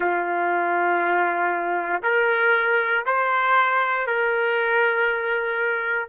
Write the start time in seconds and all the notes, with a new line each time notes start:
0.00 F4
2.02 A#4
3.05 C5
4.06 A#4